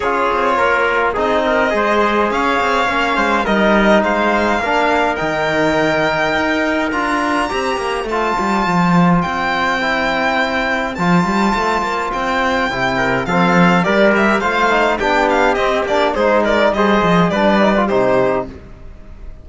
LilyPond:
<<
  \new Staff \with { instrumentName = "violin" } { \time 4/4 \tempo 4 = 104 cis''2 dis''2 | f''2 dis''4 f''4~ | f''4 g''2. | ais''2 a''2 |
g''2. a''4~ | a''4 g''2 f''4 | d''8 e''8 f''4 g''8 f''8 dis''8 d''8 | c''8 d''8 dis''4 d''4 c''4 | }
  \new Staff \with { instrumentName = "trumpet" } { \time 4/4 gis'4 ais'4 gis'8 ais'8 c''4 | cis''4. c''8 ais'4 c''4 | ais'1~ | ais'4 c''2.~ |
c''1~ | c''2~ c''8 ais'8 a'4 | ais'4 c''4 g'2 | gis'8 ais'8 c''4 b'4 g'4 | }
  \new Staff \with { instrumentName = "trombone" } { \time 4/4 f'2 dis'4 gis'4~ | gis'4 cis'4 dis'2 | d'4 dis'2. | f'4 g'4 f'2~ |
f'4 e'2 f'4~ | f'2 e'4 c'4 | g'4 f'8 dis'8 d'4 c'8 d'8 | dis'4 gis'4 d'8 dis'16 f'16 dis'4 | }
  \new Staff \with { instrumentName = "cello" } { \time 4/4 cis'8 c'8 ais4 c'4 gis4 | cis'8 c'8 ais8 gis8 g4 gis4 | ais4 dis2 dis'4 | d'4 c'8 ais8 a8 g8 f4 |
c'2. f8 g8 | a8 ais8 c'4 c4 f4 | g4 a4 b4 c'8 ais8 | gis4 g8 f8 g4 c4 | }
>>